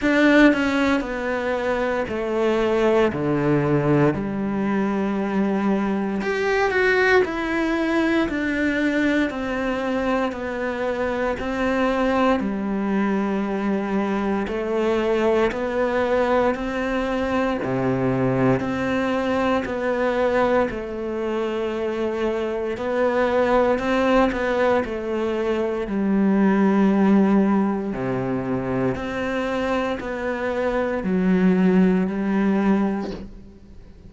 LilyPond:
\new Staff \with { instrumentName = "cello" } { \time 4/4 \tempo 4 = 58 d'8 cis'8 b4 a4 d4 | g2 g'8 fis'8 e'4 | d'4 c'4 b4 c'4 | g2 a4 b4 |
c'4 c4 c'4 b4 | a2 b4 c'8 b8 | a4 g2 c4 | c'4 b4 fis4 g4 | }